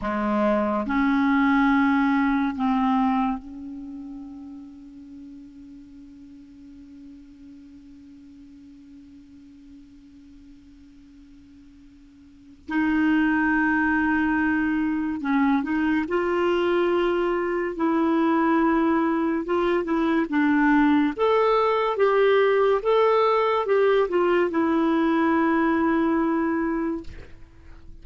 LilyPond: \new Staff \with { instrumentName = "clarinet" } { \time 4/4 \tempo 4 = 71 gis4 cis'2 c'4 | cis'1~ | cis'1~ | cis'2. dis'4~ |
dis'2 cis'8 dis'8 f'4~ | f'4 e'2 f'8 e'8 | d'4 a'4 g'4 a'4 | g'8 f'8 e'2. | }